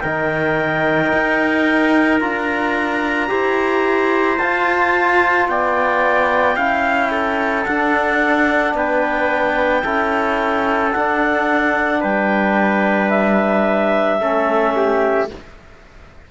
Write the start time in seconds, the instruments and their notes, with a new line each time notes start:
0.00 cello D#3, trombone D#4, trumpet A#4, clarinet G5
1.13 cello D#4
2.20 cello D4, trombone F4, clarinet A#5
3.28 cello E4, trombone G4, trumpet C5
4.38 cello F4, trombone F4, clarinet A5
5.48 cello B3, trumpet D5, clarinet G5
6.56 cello C#4, trombone E4, trumpet F5
7.11 trumpet A4
7.65 trombone D4, cello D4, clarinet F#5
8.75 cello B3, trumpet B4, clarinet G5
9.83 cello C#4, trombone E4, trumpet A4
10.92 trombone D4, cello D4, clarinet F#5
12.00 cello G3, trumpet B4, clarinet G5
13.10 clarinet E5
14.20 cello A3, trombone C#4, trumpet A4
14.76 trumpet G4